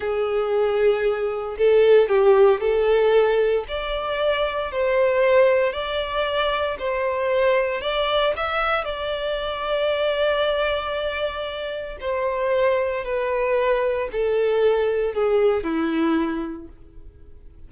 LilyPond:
\new Staff \with { instrumentName = "violin" } { \time 4/4 \tempo 4 = 115 gis'2. a'4 | g'4 a'2 d''4~ | d''4 c''2 d''4~ | d''4 c''2 d''4 |
e''4 d''2.~ | d''2. c''4~ | c''4 b'2 a'4~ | a'4 gis'4 e'2 | }